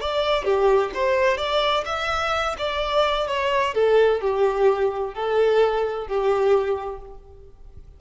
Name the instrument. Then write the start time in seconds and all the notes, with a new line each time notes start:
violin
0.00 D5
0.44 G4
0.94 C5
1.37 D5
1.85 E5
2.58 D5
3.27 C#5
3.74 A4
4.21 G4
5.14 A4
6.07 G4